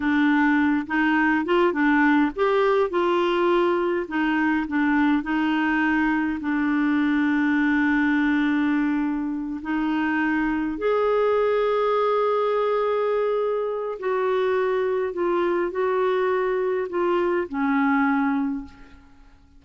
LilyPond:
\new Staff \with { instrumentName = "clarinet" } { \time 4/4 \tempo 4 = 103 d'4. dis'4 f'8 d'4 | g'4 f'2 dis'4 | d'4 dis'2 d'4~ | d'1~ |
d'8 dis'2 gis'4.~ | gis'1 | fis'2 f'4 fis'4~ | fis'4 f'4 cis'2 | }